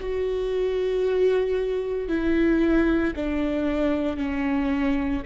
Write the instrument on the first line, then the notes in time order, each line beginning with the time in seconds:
viola
0.00 F#4
2.09 E4
3.16 D4
4.17 C#4